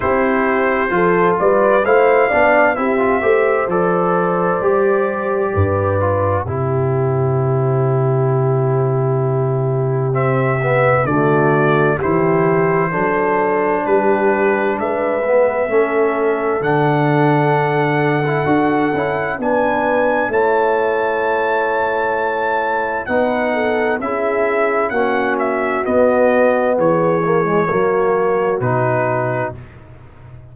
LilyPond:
<<
  \new Staff \with { instrumentName = "trumpet" } { \time 4/4 \tempo 4 = 65 c''4. d''8 f''4 e''4 | d''2. c''4~ | c''2. e''4 | d''4 c''2 b'4 |
e''2 fis''2~ | fis''4 gis''4 a''2~ | a''4 fis''4 e''4 fis''8 e''8 | dis''4 cis''2 b'4 | }
  \new Staff \with { instrumentName = "horn" } { \time 4/4 g'4 a'8 b'8 c''8 d''8 g'8 c''8~ | c''2 b'4 g'4~ | g'1 | fis'4 g'4 a'4 g'4 |
b'4 a'2.~ | a'4 b'4 cis''2~ | cis''4 b'8 a'8 gis'4 fis'4~ | fis'4 gis'4 fis'2 | }
  \new Staff \with { instrumentName = "trombone" } { \time 4/4 e'4 f'4 e'8 d'8 e'16 f'16 g'8 | a'4 g'4. f'8 e'4~ | e'2. c'8 b8 | a4 e'4 d'2~ |
d'8 b8 cis'4 d'4.~ d'16 e'16 | fis'8 e'8 d'4 e'2~ | e'4 dis'4 e'4 cis'4 | b4. ais16 gis16 ais4 dis'4 | }
  \new Staff \with { instrumentName = "tuba" } { \time 4/4 c'4 f8 g8 a8 b8 c'8 a8 | f4 g4 g,4 c4~ | c1 | d4 e4 fis4 g4 |
gis4 a4 d2 | d'8 cis'8 b4 a2~ | a4 b4 cis'4 ais4 | b4 e4 fis4 b,4 | }
>>